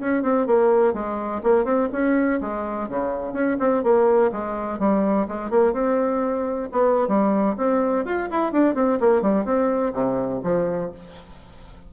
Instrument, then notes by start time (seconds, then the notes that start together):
bassoon
0.00 C#4
0.22 C4
0.47 A#3
0.93 G#3
1.43 A#3
1.65 C4
1.92 C#4
2.41 G#3
2.89 C#3
3.33 C#4
3.60 C4
3.84 A#3
4.32 G#3
4.79 G3
5.28 G#3
5.50 A#3
5.73 C4
6.72 B3
7.08 G3
7.57 C4
8.05 F4
8.31 E4
8.52 D4
8.75 C4
9.00 A#3
9.22 G3
9.45 C4
9.94 C3
10.44 F3